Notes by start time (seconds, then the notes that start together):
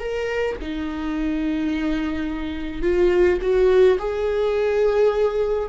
0.00 A#4
0.62 D#4
2.82 F4
3.42 F#4
3.99 G#4